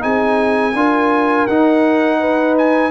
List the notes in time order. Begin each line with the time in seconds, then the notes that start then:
0.00 C4 D#4 G#4 G#5
0.74 D4 F4 A#4
1.47 D#4 F#5
2.20 B4
2.58 G#5